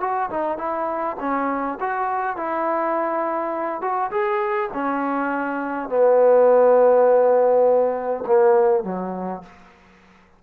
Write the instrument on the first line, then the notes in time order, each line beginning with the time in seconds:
trombone
0.00 F#4
0.30 D#4
0.57 E4
1.20 C#4
1.80 F#4
2.36 E4
3.81 F#4
4.10 G#4
4.73 C#4
5.89 B3
8.26 A#3
8.83 F#3